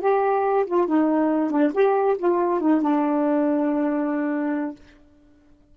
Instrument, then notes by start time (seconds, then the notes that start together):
saxophone
0.00 G4
0.66 F4
0.87 D#4
1.50 D4
1.73 G4
2.18 F4
2.60 D#4
2.81 D4